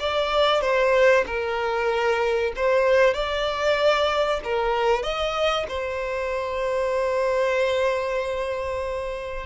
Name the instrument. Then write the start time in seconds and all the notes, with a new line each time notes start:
violin
0.00 D5
0.61 C5
1.27 A#4
2.56 C5
3.14 D5
4.44 A#4
5.03 D#5
5.68 C5